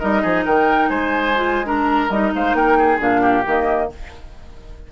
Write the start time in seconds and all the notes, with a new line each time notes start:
0.00 G3 D#4 A#4 D#5
0.22 F3 G#4
0.45 D#3 A#4 G5
0.90 G#3 C5 G#5
1.36 F4
1.65 D4 A#4 A#5
2.10 G3 D#4 D#5
2.35 G#3 C5 F5
2.54 A#3 A#4 G5
2.78 G#4
2.99 A#2 D4 F5
3.22 G4
3.47 D#3 A#3 D#5